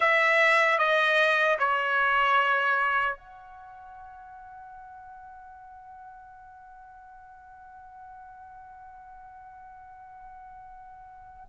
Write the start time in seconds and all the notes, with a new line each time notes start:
0.00 E5
0.78 D#5
1.59 C#5
3.16 F#5